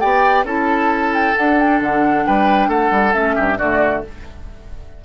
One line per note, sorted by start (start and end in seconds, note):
0.00 0.44 B3
0.00 0.46 G4
0.00 0.45 D5
0.00 0.45 G5
0.44 1.33 C#4
0.44 1.35 E4
0.44 2.24 A4
0.44 1.14 A5
1.14 1.36 G5
1.36 3.13 D4
1.36 1.81 D4
1.36 1.59 F#5
1.59 1.82 G5
1.81 2.26 D3
1.81 2.26 F#5
2.26 2.68 G3
2.26 2.69 B4
2.26 2.71 G5
2.68 2.91 A3
2.68 3.35 A4
2.68 3.14 F#5
2.91 3.14 G3
3.13 3.37 A3
3.13 3.57 C#4
3.13 3.59 E5
3.35 3.59 G2
3.35 3.58 G4
3.58 4.04 D3
3.58 4.05 A3
3.58 4.03 F#4
3.58 4.03 D5